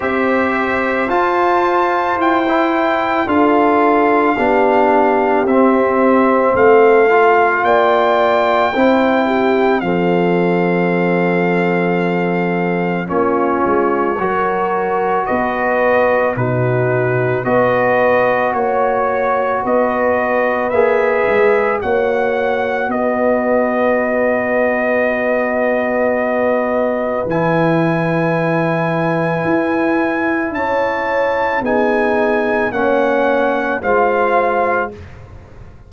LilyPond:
<<
  \new Staff \with { instrumentName = "trumpet" } { \time 4/4 \tempo 4 = 55 e''4 a''4 g''4 f''4~ | f''4 e''4 f''4 g''4~ | g''4 f''2. | cis''2 dis''4 b'4 |
dis''4 cis''4 dis''4 e''4 | fis''4 dis''2.~ | dis''4 gis''2. | a''4 gis''4 fis''4 f''4 | }
  \new Staff \with { instrumentName = "horn" } { \time 4/4 c''2. a'4 | g'2 a'4 d''4 | c''8 g'8 a'2. | f'4 ais'4 b'4 fis'4 |
b'4 cis''4 b'2 | cis''4 b'2.~ | b'1 | cis''4 gis'4 cis''4 c''4 | }
  \new Staff \with { instrumentName = "trombone" } { \time 4/4 g'4 f'4~ f'16 e'8. f'4 | d'4 c'4. f'4. | e'4 c'2. | cis'4 fis'2 dis'4 |
fis'2. gis'4 | fis'1~ | fis'4 e'2.~ | e'4 dis'4 cis'4 f'4 | }
  \new Staff \with { instrumentName = "tuba" } { \time 4/4 c'4 f'4 e'4 d'4 | b4 c'4 a4 ais4 | c'4 f2. | ais8 gis8 fis4 b4 b,4 |
b4 ais4 b4 ais8 gis8 | ais4 b2.~ | b4 e2 e'4 | cis'4 b4 ais4 gis4 | }
>>